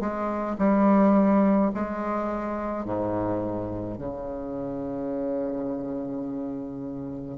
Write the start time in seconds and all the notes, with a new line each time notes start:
0.00 G#3
0.59 G3
1.74 G#3
2.85 G#2
3.98 C#3